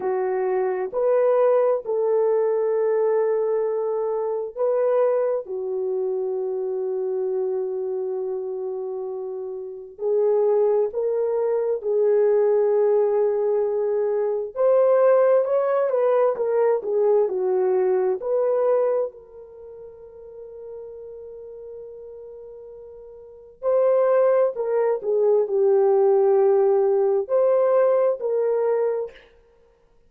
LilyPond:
\new Staff \with { instrumentName = "horn" } { \time 4/4 \tempo 4 = 66 fis'4 b'4 a'2~ | a'4 b'4 fis'2~ | fis'2. gis'4 | ais'4 gis'2. |
c''4 cis''8 b'8 ais'8 gis'8 fis'4 | b'4 ais'2.~ | ais'2 c''4 ais'8 gis'8 | g'2 c''4 ais'4 | }